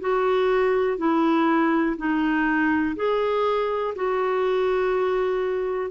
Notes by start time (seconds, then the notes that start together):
0.00 F#4
0.97 E4
1.97 D#4
2.96 G#4
3.95 F#4